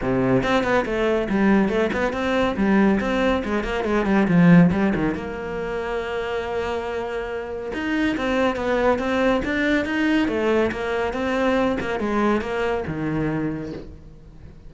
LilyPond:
\new Staff \with { instrumentName = "cello" } { \time 4/4 \tempo 4 = 140 c4 c'8 b8 a4 g4 | a8 b8 c'4 g4 c'4 | gis8 ais8 gis8 g8 f4 g8 dis8 | ais1~ |
ais2 dis'4 c'4 | b4 c'4 d'4 dis'4 | a4 ais4 c'4. ais8 | gis4 ais4 dis2 | }